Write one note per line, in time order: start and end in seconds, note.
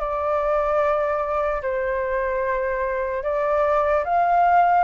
0.00 1.62 D5
1.63 3.24 C5
3.24 4.05 D5
4.05 4.85 F5